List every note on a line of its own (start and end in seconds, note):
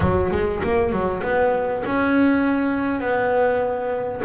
0.00 0.30 F#3
0.31 0.61 G#3
0.63 0.92 A#3
0.92 1.22 F#3
1.23 1.83 B3
1.85 3.00 C#4
3.00 4.21 B3